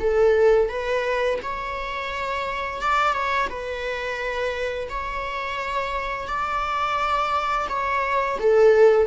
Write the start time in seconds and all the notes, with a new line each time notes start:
0.00 A4
0.69 B4
1.42 C#5
2.81 D5
3.13 C#5
3.49 B4
4.89 C#5
6.28 D5
7.69 C#5
8.39 A4